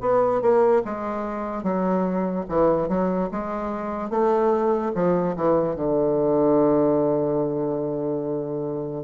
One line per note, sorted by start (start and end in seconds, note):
0.00 0.41 B3
0.41 0.82 A#3
0.84 1.63 G#3
1.63 2.45 F#3
2.48 2.88 E3
2.88 3.29 F#3
3.31 4.09 G#3
4.09 4.92 A3
4.94 5.35 F3
5.36 5.75 E3
5.75 9.03 D3